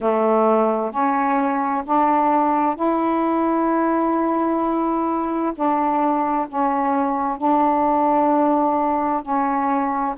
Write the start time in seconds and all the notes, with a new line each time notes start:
0.00 A3
0.91 C#4
1.85 D4
2.75 E4
5.55 D4
6.48 C#4
7.37 D4
9.22 C#4